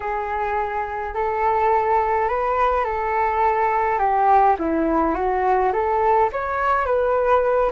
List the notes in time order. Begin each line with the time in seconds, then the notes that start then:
0.00 G#4
1.14 A4
2.28 B4
2.84 A4
3.98 G4
4.58 E4
5.14 F#4
5.72 A4
6.32 C#5
6.85 B4